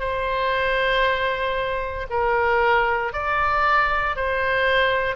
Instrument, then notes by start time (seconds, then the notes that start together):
oboe
0.00 C5
2.10 A#4
3.13 D5
4.16 C5